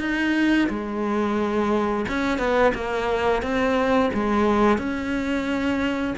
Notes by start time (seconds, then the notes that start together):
0.00 D#4
0.69 G#3
2.08 C#4
2.38 B3
2.74 A#3
3.42 C4
4.13 G#3
4.78 C#4